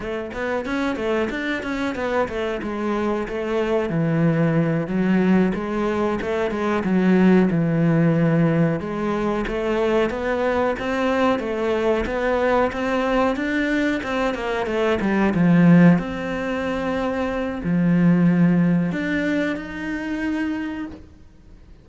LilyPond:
\new Staff \with { instrumentName = "cello" } { \time 4/4 \tempo 4 = 92 a8 b8 cis'8 a8 d'8 cis'8 b8 a8 | gis4 a4 e4. fis8~ | fis8 gis4 a8 gis8 fis4 e8~ | e4. gis4 a4 b8~ |
b8 c'4 a4 b4 c'8~ | c'8 d'4 c'8 ais8 a8 g8 f8~ | f8 c'2~ c'8 f4~ | f4 d'4 dis'2 | }